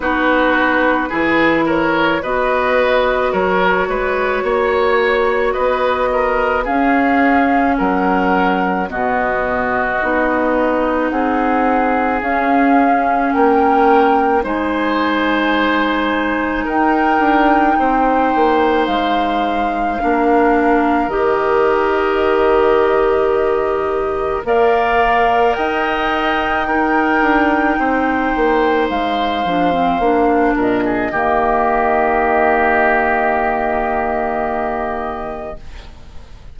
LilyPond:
<<
  \new Staff \with { instrumentName = "flute" } { \time 4/4 \tempo 4 = 54 b'4. cis''8 dis''4 cis''4~ | cis''4 dis''4 f''4 fis''4 | dis''2 fis''4 f''4 | g''4 gis''2 g''4~ |
g''4 f''2 dis''4~ | dis''2 f''4 g''4~ | g''2 f''4. dis''8~ | dis''1 | }
  \new Staff \with { instrumentName = "oboe" } { \time 4/4 fis'4 gis'8 ais'8 b'4 ais'8 b'8 | cis''4 b'8 ais'8 gis'4 ais'4 | fis'2 gis'2 | ais'4 c''2 ais'4 |
c''2 ais'2~ | ais'2 d''4 dis''4 | ais'4 c''2~ c''8 ais'16 gis'16 | g'1 | }
  \new Staff \with { instrumentName = "clarinet" } { \time 4/4 dis'4 e'4 fis'2~ | fis'2 cis'2 | b4 dis'2 cis'4~ | cis'4 dis'2.~ |
dis'2 d'4 g'4~ | g'2 ais'2 | dis'2~ dis'8 d'16 c'16 d'4 | ais1 | }
  \new Staff \with { instrumentName = "bassoon" } { \time 4/4 b4 e4 b4 fis8 gis8 | ais4 b4 cis'4 fis4 | b,4 b4 c'4 cis'4 | ais4 gis2 dis'8 d'8 |
c'8 ais8 gis4 ais4 dis4~ | dis2 ais4 dis'4~ | dis'8 d'8 c'8 ais8 gis8 f8 ais8 ais,8 | dis1 | }
>>